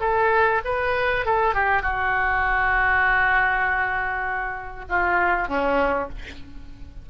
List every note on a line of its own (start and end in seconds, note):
0.00 0.61 A4
0.64 1.25 B4
1.25 1.54 A4
1.54 1.82 G4
1.82 4.85 F#4
4.89 5.48 F4
5.48 6.09 C#4